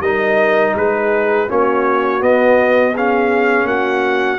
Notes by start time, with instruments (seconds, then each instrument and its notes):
0.00 tuba G3, trombone D#4, horn A#4, trumpet D#5
0.75 tuba G#3, horn G#4, trumpet B4
1.48 tuba A#3, trombone C#4, horn F#4, trumpet C#5
2.20 trombone B3, tuba B3, trumpet D#5
2.94 trombone C#4, horn G#4, trumpet F5
3.65 tuba A#3, horn F#4, trumpet F#5